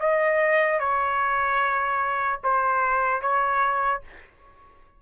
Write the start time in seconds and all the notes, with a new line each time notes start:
0.00 D#5
0.80 C#5
2.44 C5
3.22 C#5